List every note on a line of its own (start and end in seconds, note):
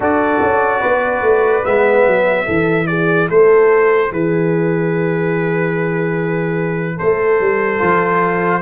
0.00 0.41 D4
0.00 1.63 F#4
0.00 0.80 A4
0.00 1.64 D5
0.42 0.83 C#4
0.80 1.22 B3
0.80 2.44 B4
1.22 1.63 A3
1.64 2.06 G#3
1.64 2.46 B3
1.64 2.86 E5
2.06 2.47 F#3
2.45 3.30 E3
2.45 7.78 E4
2.45 2.86 A4
2.86 3.28 G#4
2.86 3.28 D5
3.28 4.11 A3
3.28 4.11 A4
3.28 4.12 C5
4.11 6.99 E3
4.11 6.96 G#4
4.11 6.98 B4
6.96 7.40 A3
6.96 8.60 A4
6.96 8.61 C5
7.40 7.81 G3
7.78 8.61 F3
7.78 8.60 F4